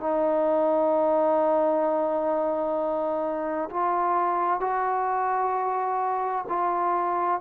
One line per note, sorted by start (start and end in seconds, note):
0.00 3.69 D#4
3.70 4.60 F4
4.60 6.45 F#4
6.49 7.41 F4